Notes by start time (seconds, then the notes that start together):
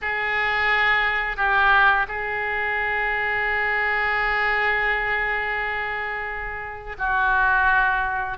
0.01 G#4
1.36 G4
2.07 G#4
6.98 F#4